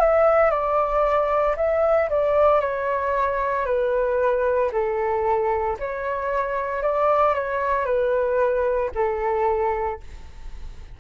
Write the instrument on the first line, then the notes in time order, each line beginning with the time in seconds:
flute
0.00 E5
0.51 D5
1.57 E5
2.10 D5
2.60 C#5
3.66 B4
4.72 A4
5.79 C#5
6.83 D5
7.34 C#5
7.85 B4
8.95 A4